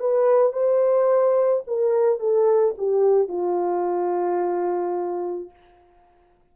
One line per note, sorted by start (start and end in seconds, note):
0.00 0.53 B4
0.53 1.64 C5
1.67 2.20 A#4
2.20 2.75 A4
2.78 3.29 G4
3.29 5.51 F4